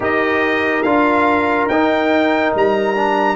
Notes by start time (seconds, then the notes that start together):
0.00 D#4 G4 A#4 D#5
0.82 D4 F4 F5
1.65 D#4 G5
2.54 G3 A#5
2.95 D4